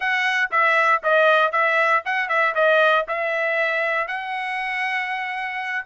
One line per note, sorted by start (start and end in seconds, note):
0.00 0.50 F#5
0.51 1.01 E5
1.03 1.52 D#5
1.52 2.02 E5
2.05 2.29 F#5
2.29 2.54 E5
2.54 3.05 D#5
3.08 4.07 E5
4.07 5.85 F#5